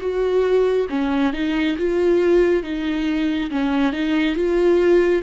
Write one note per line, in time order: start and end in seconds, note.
0.00 0.87 F#4
0.89 1.33 C#4
1.33 1.76 D#4
1.78 2.63 F4
2.63 3.50 D#4
3.51 3.92 C#4
3.92 4.35 D#4
4.35 5.22 F4